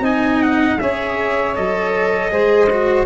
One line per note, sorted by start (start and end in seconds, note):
0.00 0.76 C4
0.00 0.78 D#4
0.00 0.79 D#5
0.00 0.42 G#5
0.42 0.80 F#5
0.80 1.58 C#4
0.80 1.55 G#4
0.80 2.32 C#5
0.80 1.56 E5
1.55 2.31 F#3
1.55 2.31 A4
1.55 3.06 D#5
2.31 3.06 G#3
2.31 2.69 G#4
2.31 3.06 C5
2.70 3.06 F#4